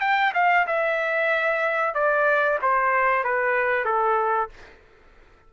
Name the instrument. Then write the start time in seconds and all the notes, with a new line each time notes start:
trumpet
0.00 G5
0.34 F5
0.66 E5
1.94 D5
2.62 C5
3.24 B4
3.84 A4